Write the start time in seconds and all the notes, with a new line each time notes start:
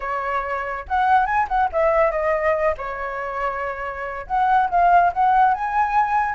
0.00 C#5
0.88 F#5
1.26 G#5
1.48 F#5
1.72 E5
2.11 D#5
2.77 C#5
4.26 F#5
4.69 F5
5.13 F#5
5.54 G#5